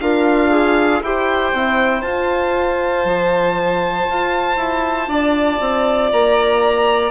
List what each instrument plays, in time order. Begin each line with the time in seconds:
0.00 bassoon D4, violin F4 F5, trombone A#4
0.51 trombone G#4
1.01 bassoon E4, trombone G4, violin C5 G5
1.53 bassoon C4, trombone E4
2.02 bassoon F4, trombone F4, violin A5
3.04 bassoon F3
4.09 bassoon F4
4.57 bassoon E4
5.08 bassoon D4, violin D5
5.60 bassoon C4
6.12 bassoon A#3, violin A#5